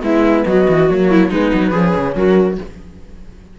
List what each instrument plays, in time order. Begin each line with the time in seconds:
0.00 cello G#3, horn B3, viola E4, flute E5
0.46 cello F#3, viola F#4, flute D#5
0.68 cello E3
0.88 cello F#3, horn A#3, flute C#5
1.10 viola E4
1.29 cello G#3, horn B3, viola D#4, flute B4
1.53 cello F#3
1.70 cello F3, horn C#4, viola G#4
1.96 cello C#3
2.15 cello F#3, viola F#4, flute A#4